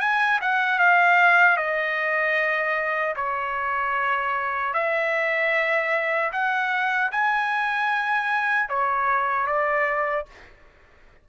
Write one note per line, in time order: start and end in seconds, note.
0.00 0.39 G#5
0.41 0.79 F#5
0.79 1.57 F5
1.57 3.15 D#5
3.16 4.74 C#5
4.74 6.32 E5
6.32 7.11 F#5
7.12 8.69 G#5
8.69 9.47 C#5
9.47 10.26 D5